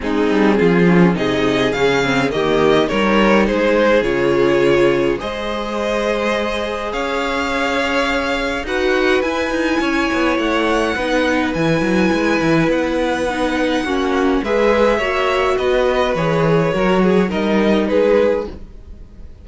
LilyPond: <<
  \new Staff \with { instrumentName = "violin" } { \time 4/4 \tempo 4 = 104 gis'2 dis''4 f''4 | dis''4 cis''4 c''4 cis''4~ | cis''4 dis''2. | f''2. fis''4 |
gis''2 fis''2 | gis''2 fis''2~ | fis''4 e''2 dis''4 | cis''2 dis''4 b'4 | }
  \new Staff \with { instrumentName = "violin" } { \time 4/4 dis'4 f'4 gis'2 | g'4 ais'4 gis'2~ | gis'4 c''2. | cis''2. b'4~ |
b'4 cis''2 b'4~ | b'1 | fis'4 b'4 cis''4 b'4~ | b'4 ais'8 gis'8 ais'4 gis'4 | }
  \new Staff \with { instrumentName = "viola" } { \time 4/4 c'4. cis'8 dis'4 cis'8 c'8 | ais4 dis'2 f'4~ | f'4 gis'2.~ | gis'2. fis'4 |
e'2. dis'4 | e'2. dis'4 | cis'4 gis'4 fis'2 | gis'4 fis'4 dis'2 | }
  \new Staff \with { instrumentName = "cello" } { \time 4/4 gis8 g8 f4 c4 cis4 | dis4 g4 gis4 cis4~ | cis4 gis2. | cis'2. dis'4 |
e'8 dis'8 cis'8 b8 a4 b4 | e8 fis8 gis8 e8 b2 | ais4 gis4 ais4 b4 | e4 fis4 g4 gis4 | }
>>